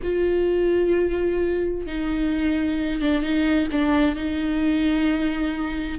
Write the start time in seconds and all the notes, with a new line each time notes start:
0.02 F4
1.86 D#4
3.01 D4
3.22 D#4
3.71 D4
4.15 D#4